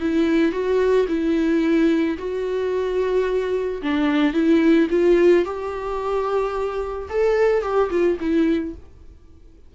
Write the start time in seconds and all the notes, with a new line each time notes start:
0.00 E4
0.52 F#4
1.08 E4
2.18 F#4
3.82 D4
4.33 E4
4.90 F4
5.45 G4
7.09 A4
7.62 G4
7.90 F4
8.20 E4